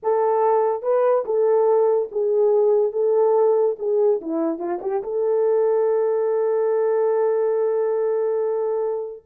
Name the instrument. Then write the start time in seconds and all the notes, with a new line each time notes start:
horn
0.02 A4
0.82 B4
1.25 A4
2.11 G#4
2.92 A4
3.79 G#4
4.21 E4
4.58 F4
4.81 G4
5.03 A4